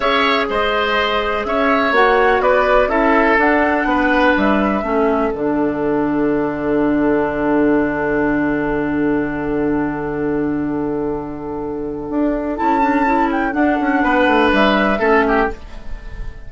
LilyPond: <<
  \new Staff \with { instrumentName = "flute" } { \time 4/4 \tempo 4 = 124 e''4 dis''2 e''4 | fis''4 d''4 e''4 fis''4~ | fis''4 e''2 fis''4~ | fis''1~ |
fis''1~ | fis''1~ | fis''2 a''4. g''8 | fis''2 e''2 | }
  \new Staff \with { instrumentName = "oboe" } { \time 4/4 cis''4 c''2 cis''4~ | cis''4 b'4 a'2 | b'2 a'2~ | a'1~ |
a'1~ | a'1~ | a'1~ | a'4 b'2 a'8 g'8 | }
  \new Staff \with { instrumentName = "clarinet" } { \time 4/4 gis'1 | fis'2 e'4 d'4~ | d'2 cis'4 d'4~ | d'1~ |
d'1~ | d'1~ | d'2 e'8 d'8 e'4 | d'2. cis'4 | }
  \new Staff \with { instrumentName = "bassoon" } { \time 4/4 cis'4 gis2 cis'4 | ais4 b4 cis'4 d'4 | b4 g4 a4 d4~ | d1~ |
d1~ | d1~ | d4 d'4 cis'2 | d'8 cis'8 b8 a8 g4 a4 | }
>>